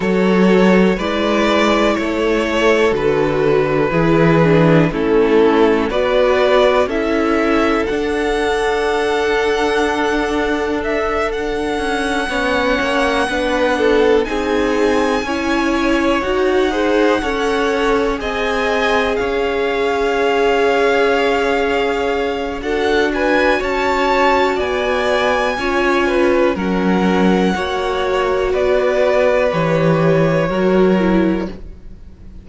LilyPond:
<<
  \new Staff \with { instrumentName = "violin" } { \time 4/4 \tempo 4 = 61 cis''4 d''4 cis''4 b'4~ | b'4 a'4 d''4 e''4 | fis''2. e''8 fis''8~ | fis''2~ fis''8 gis''4.~ |
gis''8 fis''2 gis''4 f''8~ | f''2. fis''8 gis''8 | a''4 gis''2 fis''4~ | fis''4 d''4 cis''2 | }
  \new Staff \with { instrumentName = "violin" } { \time 4/4 a'4 b'4 a'2 | gis'4 e'4 b'4 a'4~ | a'1~ | a'8 cis''4 b'8 a'8 gis'4 cis''8~ |
cis''4 c''8 cis''4 dis''4 cis''8~ | cis''2. a'8 b'8 | cis''4 d''4 cis''8 b'8 ais'4 | cis''4 b'2 ais'4 | }
  \new Staff \with { instrumentName = "viola" } { \time 4/4 fis'4 e'2 fis'4 | e'8 d'8 cis'4 fis'4 e'4 | d'1~ | d'8 cis'4 d'4 dis'4 e'8~ |
e'8 fis'8 gis'8 a'4 gis'4.~ | gis'2. fis'4~ | fis'2 f'4 cis'4 | fis'2 g'4 fis'8 e'8 | }
  \new Staff \with { instrumentName = "cello" } { \time 4/4 fis4 gis4 a4 d4 | e4 a4 b4 cis'4 | d'1 | cis'8 b8 ais8 b4 c'4 cis'8~ |
cis'8 dis'4 cis'4 c'4 cis'8~ | cis'2. d'4 | cis'4 b4 cis'4 fis4 | ais4 b4 e4 fis4 | }
>>